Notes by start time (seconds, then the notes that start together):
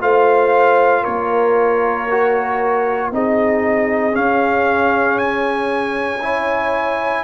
0.00 A3 F4 C5 F5
1.02 A#3 A#4 C#5
2.11 F#4
3.11 C4 D#4 G#4 D#5
4.12 C#4 F5
5.18 G#5
6.22 E4 C#5